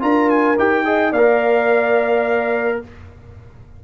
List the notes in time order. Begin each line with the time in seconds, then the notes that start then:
0.00 D4 F4 A#4 A#5
0.30 G#5
0.58 D#4 G4 G5
0.85 G#4 D#5
1.12 A#3 A#4 D5 F5